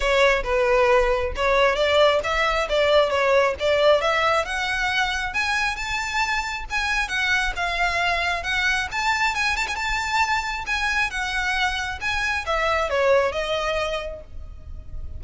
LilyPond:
\new Staff \with { instrumentName = "violin" } { \time 4/4 \tempo 4 = 135 cis''4 b'2 cis''4 | d''4 e''4 d''4 cis''4 | d''4 e''4 fis''2 | gis''4 a''2 gis''4 |
fis''4 f''2 fis''4 | a''4 gis''8 a''16 gis''16 a''2 | gis''4 fis''2 gis''4 | e''4 cis''4 dis''2 | }